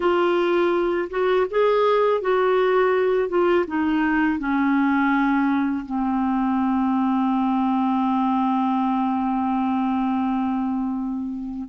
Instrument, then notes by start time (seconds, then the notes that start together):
clarinet
0.00 F4
1.09 F#4
1.50 G#4
2.21 F#4
3.28 F4
3.67 D#4
4.38 C#4
5.85 C4